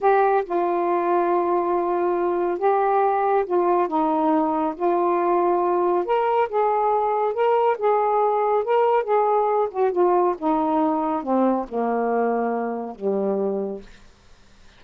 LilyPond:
\new Staff \with { instrumentName = "saxophone" } { \time 4/4 \tempo 4 = 139 g'4 f'2.~ | f'2 g'2 | f'4 dis'2 f'4~ | f'2 ais'4 gis'4~ |
gis'4 ais'4 gis'2 | ais'4 gis'4. fis'8 f'4 | dis'2 c'4 ais4~ | ais2 g2 | }